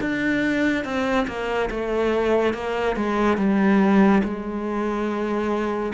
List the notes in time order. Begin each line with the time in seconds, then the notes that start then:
0.00 D4
0.84 C4
1.27 A#3
1.70 A3
2.54 A#3
2.96 G#3
3.37 G3
4.23 G#3